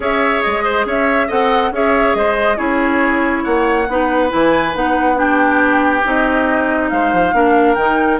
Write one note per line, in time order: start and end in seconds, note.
0.00 0.40 C#4
0.00 1.29 G#4
0.00 0.64 C#5
0.00 0.42 E5
0.42 0.85 G#3
0.42 0.85 D#5
0.64 0.85 C5
0.85 1.28 C#4
0.85 1.27 C#5
0.85 1.30 E5
1.27 1.71 C4
1.27 1.72 A4
1.27 1.70 D#5
1.27 1.73 F#5
1.71 2.14 C#4
1.71 2.56 G#4
1.71 2.17 C#5
1.71 2.15 E5
2.14 2.58 G#3
2.14 2.57 C5
2.14 2.57 D#5
2.56 3.45 C#4
2.56 3.85 E4
2.56 3.43 G#4
2.56 3.44 C#5
3.43 3.88 A#3
3.43 3.86 C#5
3.43 4.30 F#5
3.88 4.31 B3
3.88 4.29 D#4
3.88 5.17 B4
4.29 4.74 E3
4.29 4.72 E4
4.29 4.75 G#5
4.73 6.04 B3
4.73 5.15 D#4
4.73 5.18 F#5
5.15 6.01 D4
5.15 6.90 G4
5.15 6.04 G5
6.04 6.91 C4
6.04 7.33 D#4
6.04 6.89 D#5
6.89 7.13 G#3
6.89 7.35 C5
6.89 7.74 F5
7.13 7.33 F3
7.33 7.76 A#3
7.33 7.76 D4
7.33 8.20 A#4
7.74 8.19 D#3
7.74 8.20 D#4
7.74 8.17 G5